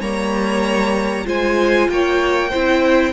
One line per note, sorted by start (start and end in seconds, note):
0.00 1.25 G3
0.00 1.25 A#3
0.00 1.26 C#5
0.00 1.26 A#5
1.25 1.89 G#3
1.25 2.50 F4
1.25 1.89 C5
1.25 1.90 G#5
1.89 2.51 A#3
1.89 2.50 C#5
1.89 3.13 G5
2.50 3.13 C4
2.50 3.13 E4
2.50 3.12 C5